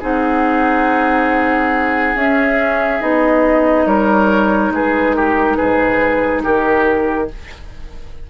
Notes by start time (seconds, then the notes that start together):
0.00 C4 D#4 G#4 F#5
2.15 C#4 E5
2.99 B3 D#4 D#5
3.86 G3 A#4 C#5
4.70 G#3 G#4 B4
5.15 G4 A#4
5.56 G#2 G#4 B4
6.43 D#3 G4 A#4